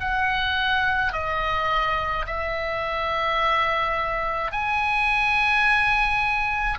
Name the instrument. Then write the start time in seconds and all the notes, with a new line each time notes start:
oboe
0.00 F#5
1.13 D#5
2.26 E5
4.52 G#5